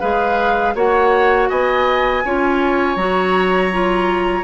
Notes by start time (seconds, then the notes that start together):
0.00 G#3 G#4 B4 F5
0.75 A#3 F#4 C#5 F#5
1.49 B3 D#5 G#5
2.25 C#4 F4 C#5
2.96 F#3 F#4 A#5
3.72 F4